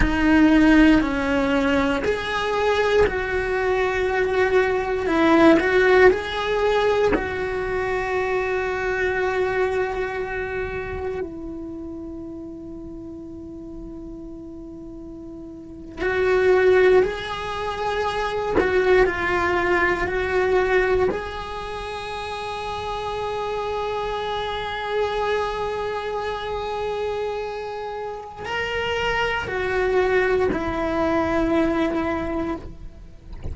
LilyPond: \new Staff \with { instrumentName = "cello" } { \time 4/4 \tempo 4 = 59 dis'4 cis'4 gis'4 fis'4~ | fis'4 e'8 fis'8 gis'4 fis'4~ | fis'2. e'4~ | e'2.~ e'8. fis'16~ |
fis'8. gis'4. fis'8 f'4 fis'16~ | fis'8. gis'2.~ gis'16~ | gis'1 | ais'4 fis'4 e'2 | }